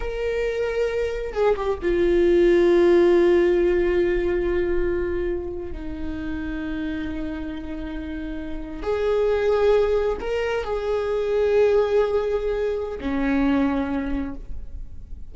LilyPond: \new Staff \with { instrumentName = "viola" } { \time 4/4 \tempo 4 = 134 ais'2. gis'8 g'8 | f'1~ | f'1~ | f'8. dis'2.~ dis'16~ |
dis'2.~ dis'8. gis'16~ | gis'2~ gis'8. ais'4 gis'16~ | gis'1~ | gis'4 cis'2. | }